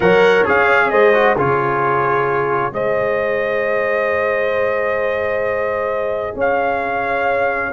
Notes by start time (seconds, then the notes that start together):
0.00 F#3 A#4 C#5 F#5
0.45 C#4 G#4 F5
0.90 G#3 C5 D#5
1.13 F#4
1.36 C#3 F4 G#4 C#5
2.71 G#3 G#4 C5 D#5
6.34 C#4 C#5 F5